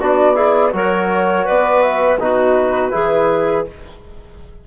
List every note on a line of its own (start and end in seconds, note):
0.00 0.73 B3
0.00 0.35 D4
0.00 0.35 F#4
0.00 0.73 D5
0.35 0.72 E4
0.35 0.72 G#4
0.72 1.46 F#3
0.72 2.18 F#4
0.72 1.45 A#4
0.72 1.48 C#5
1.45 2.19 B3
1.45 2.18 B4
1.45 1.82 D5
1.82 2.19 E5
2.19 2.93 B2
2.19 2.91 D#4
2.19 2.93 F#4
2.19 3.67 B4
2.91 3.67 E3
2.91 3.64 E4
2.91 3.66 G#4